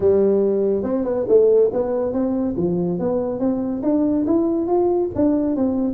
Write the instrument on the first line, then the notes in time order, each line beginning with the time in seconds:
tuba
0.00 G3
0.83 C4
1.04 B3
1.28 A3
1.72 B3
2.12 C4
2.56 F3
2.99 B3
3.39 C4
3.83 D4
4.26 E4
4.67 F4
5.15 D4
5.55 C4